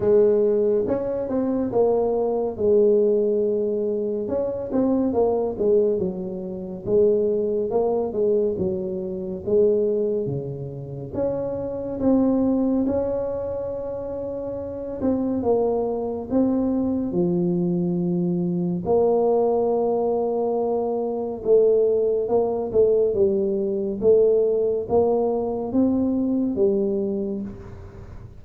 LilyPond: \new Staff \with { instrumentName = "tuba" } { \time 4/4 \tempo 4 = 70 gis4 cis'8 c'8 ais4 gis4~ | gis4 cis'8 c'8 ais8 gis8 fis4 | gis4 ais8 gis8 fis4 gis4 | cis4 cis'4 c'4 cis'4~ |
cis'4. c'8 ais4 c'4 | f2 ais2~ | ais4 a4 ais8 a8 g4 | a4 ais4 c'4 g4 | }